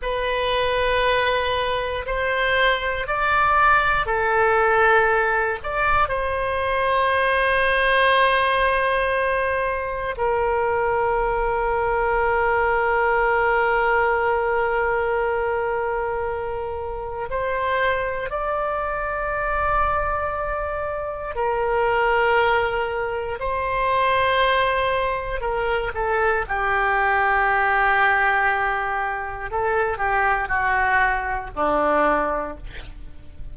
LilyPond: \new Staff \with { instrumentName = "oboe" } { \time 4/4 \tempo 4 = 59 b'2 c''4 d''4 | a'4. d''8 c''2~ | c''2 ais'2~ | ais'1~ |
ais'4 c''4 d''2~ | d''4 ais'2 c''4~ | c''4 ais'8 a'8 g'2~ | g'4 a'8 g'8 fis'4 d'4 | }